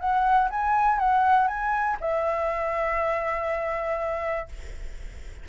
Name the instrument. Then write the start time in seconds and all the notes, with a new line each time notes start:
flute
0.00 F#5
0.51 G#5
0.99 F#5
1.48 G#5
2.01 E5